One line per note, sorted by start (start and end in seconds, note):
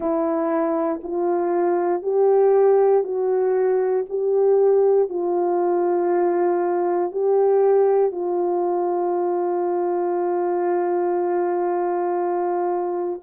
0.00 1.00 E4
1.03 2.02 F4
2.02 3.03 G4
3.03 4.05 F#4
4.09 5.09 G4
5.09 7.11 F4
7.11 8.11 G4
8.11 13.19 F4